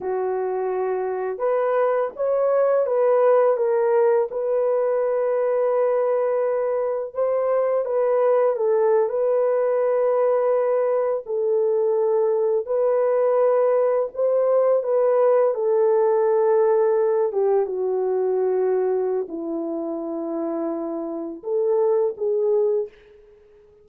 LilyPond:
\new Staff \with { instrumentName = "horn" } { \time 4/4 \tempo 4 = 84 fis'2 b'4 cis''4 | b'4 ais'4 b'2~ | b'2 c''4 b'4 | a'8. b'2. a'16~ |
a'4.~ a'16 b'2 c''16~ | c''8. b'4 a'2~ a'16~ | a'16 g'8 fis'2~ fis'16 e'4~ | e'2 a'4 gis'4 | }